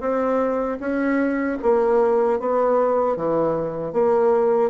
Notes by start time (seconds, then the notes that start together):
0.00 C4
0.80 C#4
1.62 A#3
2.39 B3
3.16 E3
3.92 A#3